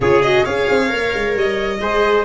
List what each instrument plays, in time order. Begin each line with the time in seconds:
0.00 tuba C#3, viola F4, trumpet G#4, violin C#5
0.22 viola F#4, violin D#5
0.43 tuba C#4, viola G#4, trumpet C#5, violin F5
0.69 tuba C4
0.88 tuba A#3, viola A#4
1.13 tuba G#3
1.35 tuba G3, violin D#5
1.80 tuba G#3, viola G#4, trumpet C5